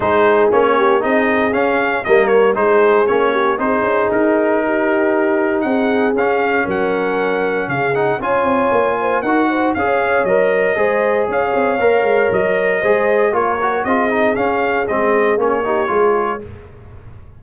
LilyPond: <<
  \new Staff \with { instrumentName = "trumpet" } { \time 4/4 \tempo 4 = 117 c''4 cis''4 dis''4 f''4 | dis''8 cis''8 c''4 cis''4 c''4 | ais'2. fis''4 | f''4 fis''2 f''8 fis''8 |
gis''2 fis''4 f''4 | dis''2 f''2 | dis''2 cis''4 dis''4 | f''4 dis''4 cis''2 | }
  \new Staff \with { instrumentName = "horn" } { \time 4/4 gis'4. g'8 gis'2 | ais'4 gis'4. g'8 gis'4~ | gis'4 g'2 gis'4~ | gis'4 ais'2 gis'4 |
cis''4. c''8 ais'8 c''8 cis''4~ | cis''4 c''4 cis''2~ | cis''4 c''4 ais'4 gis'4~ | gis'2~ gis'8 g'8 gis'4 | }
  \new Staff \with { instrumentName = "trombone" } { \time 4/4 dis'4 cis'4 dis'4 cis'4 | ais4 dis'4 cis'4 dis'4~ | dis'1 | cis'2.~ cis'8 dis'8 |
f'2 fis'4 gis'4 | ais'4 gis'2 ais'4~ | ais'4 gis'4 f'8 fis'8 f'8 dis'8 | cis'4 c'4 cis'8 dis'8 f'4 | }
  \new Staff \with { instrumentName = "tuba" } { \time 4/4 gis4 ais4 c'4 cis'4 | g4 gis4 ais4 c'8 cis'8 | dis'2. c'4 | cis'4 fis2 cis4 |
cis'8 c'8 ais4 dis'4 cis'4 | fis4 gis4 cis'8 c'8 ais8 gis8 | fis4 gis4 ais4 c'4 | cis'4 gis4 ais4 gis4 | }
>>